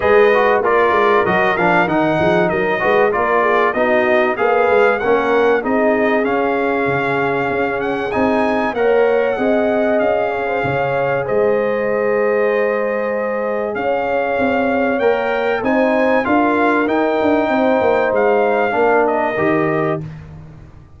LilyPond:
<<
  \new Staff \with { instrumentName = "trumpet" } { \time 4/4 \tempo 4 = 96 dis''4 d''4 dis''8 f''8 fis''4 | dis''4 d''4 dis''4 f''4 | fis''4 dis''4 f''2~ | f''8 fis''8 gis''4 fis''2 |
f''2 dis''2~ | dis''2 f''2 | g''4 gis''4 f''4 g''4~ | g''4 f''4. dis''4. | }
  \new Staff \with { instrumentName = "horn" } { \time 4/4 b'4 ais'2~ ais'8 gis'8 | ais'8 b'8 ais'8 gis'8 fis'4 b'4 | ais'4 gis'2.~ | gis'2 cis''4 dis''4~ |
dis''8 cis''16 c''16 cis''4 c''2~ | c''2 cis''2~ | cis''4 c''4 ais'2 | c''2 ais'2 | }
  \new Staff \with { instrumentName = "trombone" } { \time 4/4 gis'8 fis'8 f'4 fis'8 d'8 dis'4~ | dis'8 fis'8 f'4 dis'4 gis'4 | cis'4 dis'4 cis'2~ | cis'4 dis'4 ais'4 gis'4~ |
gis'1~ | gis'1 | ais'4 dis'4 f'4 dis'4~ | dis'2 d'4 g'4 | }
  \new Staff \with { instrumentName = "tuba" } { \time 4/4 gis4 ais8 gis8 fis8 f8 dis8 f8 | fis8 gis8 ais4 b4 ais8 gis8 | ais4 c'4 cis'4 cis4 | cis'4 c'4 ais4 c'4 |
cis'4 cis4 gis2~ | gis2 cis'4 c'4 | ais4 c'4 d'4 dis'8 d'8 | c'8 ais8 gis4 ais4 dis4 | }
>>